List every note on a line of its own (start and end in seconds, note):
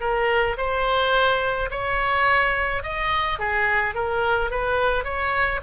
0.00 0.56 A#4
0.57 1.69 C5
1.70 2.82 C#5
2.82 3.38 D#5
3.39 3.94 G#4
3.94 4.50 A#4
4.50 5.04 B4
5.04 5.60 C#5